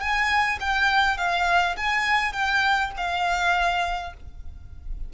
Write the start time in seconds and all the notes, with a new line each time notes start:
0.00 G#5
0.60 G5
1.17 F5
1.76 G#5
2.32 G5
2.97 F5